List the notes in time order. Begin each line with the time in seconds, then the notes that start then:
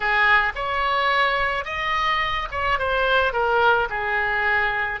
0.00 G#4
0.55 C#5
1.64 D#5
2.51 C#5
2.79 C5
3.32 A#4
3.89 G#4